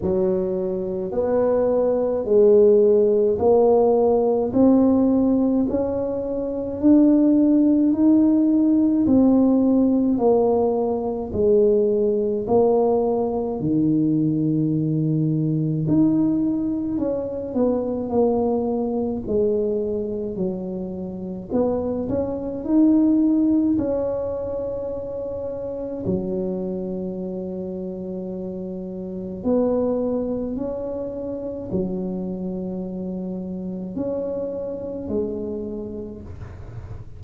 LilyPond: \new Staff \with { instrumentName = "tuba" } { \time 4/4 \tempo 4 = 53 fis4 b4 gis4 ais4 | c'4 cis'4 d'4 dis'4 | c'4 ais4 gis4 ais4 | dis2 dis'4 cis'8 b8 |
ais4 gis4 fis4 b8 cis'8 | dis'4 cis'2 fis4~ | fis2 b4 cis'4 | fis2 cis'4 gis4 | }